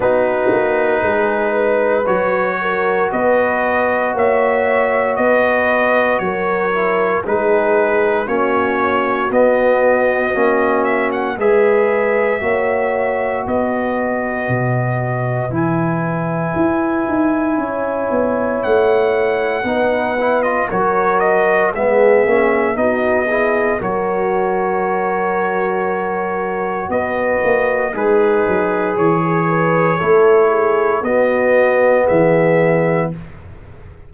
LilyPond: <<
  \new Staff \with { instrumentName = "trumpet" } { \time 4/4 \tempo 4 = 58 b'2 cis''4 dis''4 | e''4 dis''4 cis''4 b'4 | cis''4 dis''4. e''16 fis''16 e''4~ | e''4 dis''2 gis''4~ |
gis''2 fis''4.~ fis''16 dis''16 | cis''8 dis''8 e''4 dis''4 cis''4~ | cis''2 dis''4 b'4 | cis''2 dis''4 e''4 | }
  \new Staff \with { instrumentName = "horn" } { \time 4/4 fis'4 gis'8 b'4 ais'8 b'4 | cis''4 b'4 ais'4 gis'4 | fis'2. b'4 | cis''4 b'2.~ |
b'4 cis''2 b'4 | ais'4 gis'4 fis'8 gis'8 ais'4~ | ais'2 b'4 dis'4 | gis'8 b'8 a'8 gis'8 fis'4 gis'4 | }
  \new Staff \with { instrumentName = "trombone" } { \time 4/4 dis'2 fis'2~ | fis'2~ fis'8 e'8 dis'4 | cis'4 b4 cis'4 gis'4 | fis'2. e'4~ |
e'2. dis'8 e'16 f'16 | fis'4 b8 cis'8 dis'8 e'8 fis'4~ | fis'2. gis'4~ | gis'4 e'4 b2 | }
  \new Staff \with { instrumentName = "tuba" } { \time 4/4 b8 ais8 gis4 fis4 b4 | ais4 b4 fis4 gis4 | ais4 b4 ais4 gis4 | ais4 b4 b,4 e4 |
e'8 dis'8 cis'8 b8 a4 b4 | fis4 gis8 ais8 b4 fis4~ | fis2 b8 ais8 gis8 fis8 | e4 a4 b4 e4 | }
>>